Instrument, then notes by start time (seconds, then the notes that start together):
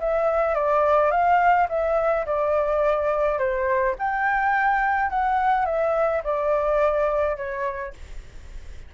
flute
0.00 E5
0.55 D5
1.11 F5
1.69 E5
2.26 D5
3.38 C5
3.99 G5
5.10 F#5
5.66 E5
6.24 D5
7.37 C#5